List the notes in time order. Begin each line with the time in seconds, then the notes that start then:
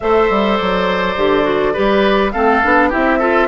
0.00 A3 A4 C5 E5
0.30 G3
0.57 F#3 D5
1.17 D3 G4
1.43 F#4
1.73 G3 G4 B4
2.31 A3 C4 A4 F5
2.62 B3 D4
2.89 E4 G4 E5
2.95 C4
3.18 F4 A4